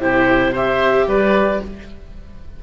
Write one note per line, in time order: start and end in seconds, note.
0.00 1.06 C3
0.00 0.54 E4
0.00 0.52 G4
0.00 0.54 C5
0.52 1.63 G4
0.52 1.06 C5
0.52 1.08 E5
1.06 1.60 G3
1.06 1.62 B4
1.06 1.62 D5